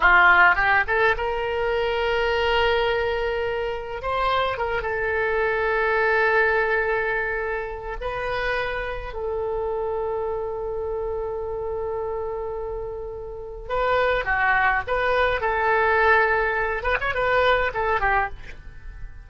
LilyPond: \new Staff \with { instrumentName = "oboe" } { \time 4/4 \tempo 4 = 105 f'4 g'8 a'8 ais'2~ | ais'2. c''4 | ais'8 a'2.~ a'8~ | a'2 b'2 |
a'1~ | a'1 | b'4 fis'4 b'4 a'4~ | a'4. b'16 cis''16 b'4 a'8 g'8 | }